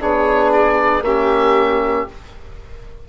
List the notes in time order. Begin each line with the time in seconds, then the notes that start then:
0.00 B3 D4 G#4 C#5
0.52 D5
1.01 A#3 C#4 G4 E5